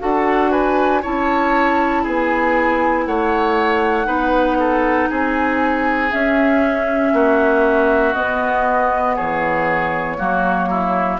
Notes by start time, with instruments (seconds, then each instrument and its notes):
0.00 bassoon D4, clarinet F#4, oboe A4, flute F#5
0.51 oboe B4, flute G#5
1.02 bassoon C#4, clarinet E4, oboe C#5, flute A5
2.03 bassoon B3, oboe G#4, flute G#5
3.06 bassoon A3, oboe C#5, flute F#5
4.05 bassoon B3, clarinet D#4, oboe B4
4.59 oboe A4
5.10 bassoon C4, oboe G#4, flute G#5
6.12 clarinet C#4, bassoon C#4, flute E5
7.13 bassoon A#3, oboe F#4
8.14 clarinet B3, bassoon B3, flute D#5
9.16 bassoon E3, oboe G#4, flute C#5
10.18 bassoon F#3, clarinet A#3, oboe F#4
10.70 oboe E4